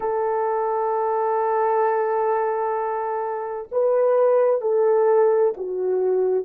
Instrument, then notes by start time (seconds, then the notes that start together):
horn
0.00 A4
3.71 B4
4.61 A4
5.57 F#4